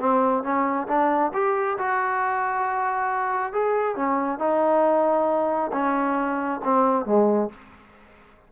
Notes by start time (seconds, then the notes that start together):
0.00 C4
0.44 C#4
0.88 D4
1.34 G4
1.78 F#4
3.53 G#4
3.96 C#4
4.39 D#4
5.73 C#4
6.64 C4
7.06 G#3